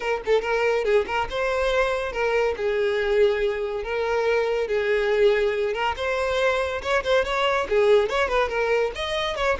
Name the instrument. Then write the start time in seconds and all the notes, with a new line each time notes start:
violin
0.00 A#4
0.25 A4
0.41 A#4
0.84 G#4
1.06 A#4
1.30 C5
2.12 A#4
2.56 G#4
3.83 A#4
4.67 G#4
5.73 A#4
5.96 C5
6.81 C#5
7.03 C5
7.24 C#5
7.69 G#4
8.09 C#5
8.28 B4
8.48 A#4
8.95 D#5
9.36 C#5